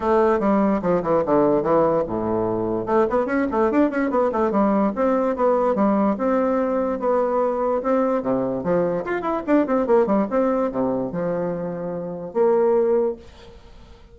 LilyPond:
\new Staff \with { instrumentName = "bassoon" } { \time 4/4 \tempo 4 = 146 a4 g4 f8 e8 d4 | e4 a,2 a8 b8 | cis'8 a8 d'8 cis'8 b8 a8 g4 | c'4 b4 g4 c'4~ |
c'4 b2 c'4 | c4 f4 f'8 e'8 d'8 c'8 | ais8 g8 c'4 c4 f4~ | f2 ais2 | }